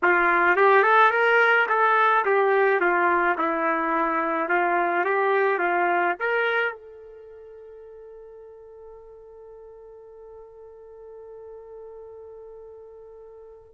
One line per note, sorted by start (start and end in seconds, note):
0.02 0.56 F4
0.56 0.82 G4
0.82 1.10 A4
1.10 1.66 A#4
1.68 2.24 A4
2.25 2.80 G4
2.80 3.36 F4
3.37 4.48 E4
4.48 5.04 F4
5.04 5.58 G4
5.58 6.14 F4
6.19 6.72 A#4
6.72 13.73 A4